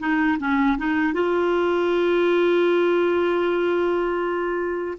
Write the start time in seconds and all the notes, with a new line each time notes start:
0.00 D#4
0.40 C#4
0.78 D#4
1.14 F4